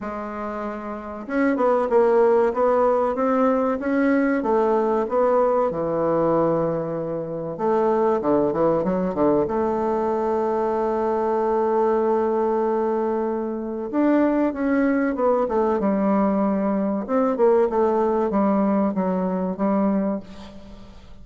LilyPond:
\new Staff \with { instrumentName = "bassoon" } { \time 4/4 \tempo 4 = 95 gis2 cis'8 b8 ais4 | b4 c'4 cis'4 a4 | b4 e2. | a4 d8 e8 fis8 d8 a4~ |
a1~ | a2 d'4 cis'4 | b8 a8 g2 c'8 ais8 | a4 g4 fis4 g4 | }